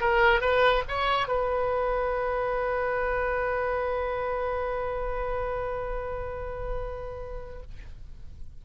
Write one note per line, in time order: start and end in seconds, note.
0.00 0.41 A#4
0.41 0.83 B4
0.88 1.28 C#5
1.28 7.62 B4